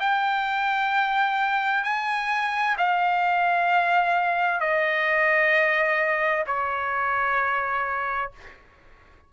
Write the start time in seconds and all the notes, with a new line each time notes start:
0.00 G5
1.84 G#5
2.78 F5
4.60 D#5
6.47 C#5